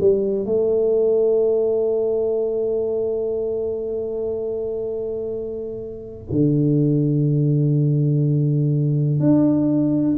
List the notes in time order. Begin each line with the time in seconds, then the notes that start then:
0.00 G3
0.45 A3
6.31 D3
9.20 D4